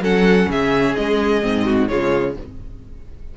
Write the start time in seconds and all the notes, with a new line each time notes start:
0.00 F#3 C#4 A4 F#5
0.48 C#3 G#4 E5
0.95 G#3 D#5
1.42 G#2 C4
1.65 F#4
1.88 C#3 G#3 F4 C#5